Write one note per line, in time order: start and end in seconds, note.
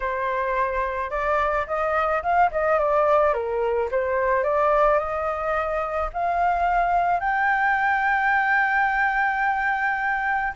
0.00 1.10 C5
1.10 1.66 D5
1.66 2.22 D#5
2.22 2.50 F5
2.51 2.78 D#5
2.78 3.33 D5
3.33 3.89 A#4
3.91 4.43 C5
4.43 4.98 D5
4.98 6.09 D#5
6.13 7.20 F5
7.20 10.53 G5